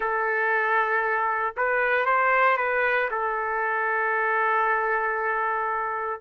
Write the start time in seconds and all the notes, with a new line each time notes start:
0.00 A4
1.56 B4
2.05 C5
2.57 B4
3.10 A4